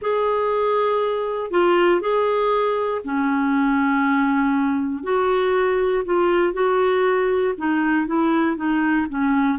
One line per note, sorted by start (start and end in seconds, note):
0.01 1.50 G#4
1.50 2.00 F4
2.00 3.01 G#4
3.04 5.03 C#4
5.03 6.03 F#4
6.04 6.53 F4
6.53 7.54 F#4
7.57 8.06 D#4
8.06 8.56 E4
8.56 9.06 D#4
9.09 9.58 C#4